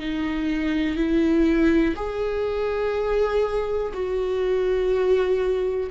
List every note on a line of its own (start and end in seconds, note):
0.00 0.97 D#4
0.97 1.95 E4
1.96 3.93 G#4
3.94 5.91 F#4